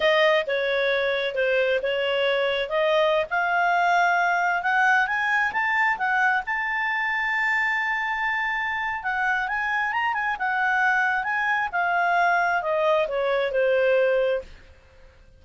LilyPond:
\new Staff \with { instrumentName = "clarinet" } { \time 4/4 \tempo 4 = 133 dis''4 cis''2 c''4 | cis''2 dis''4~ dis''16 f''8.~ | f''2~ f''16 fis''4 gis''8.~ | gis''16 a''4 fis''4 a''4.~ a''16~ |
a''1 | fis''4 gis''4 ais''8 gis''8 fis''4~ | fis''4 gis''4 f''2 | dis''4 cis''4 c''2 | }